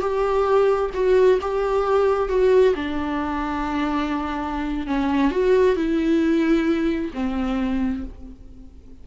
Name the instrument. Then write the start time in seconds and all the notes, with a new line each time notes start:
viola
0.00 G4
0.94 F#4
1.41 G4
2.28 F#4
2.75 D4
4.87 C#4
5.31 F#4
5.76 E4
7.13 C4